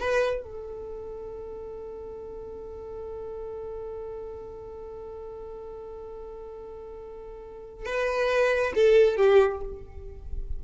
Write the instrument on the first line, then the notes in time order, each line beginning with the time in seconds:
violin
0.00 B4
0.42 A4
7.85 B4
8.75 A4
9.17 G4